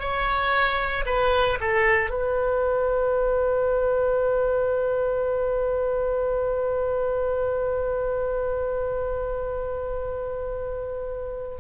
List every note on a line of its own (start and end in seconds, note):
0.00 1.05 C#5
1.06 1.59 B4
1.61 2.11 A4
2.11 11.58 B4